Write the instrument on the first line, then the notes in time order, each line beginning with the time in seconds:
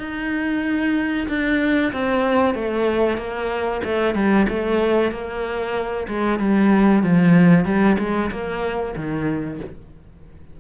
cello
0.00 D#4
1.29 D4
1.93 C4
2.55 A3
3.18 A#3
3.84 A3
4.15 G3
4.49 A3
5.12 A#3
6.09 G#3
6.40 G3
7.03 F3
7.65 G3
7.99 G#3
8.31 A#3
8.97 D#3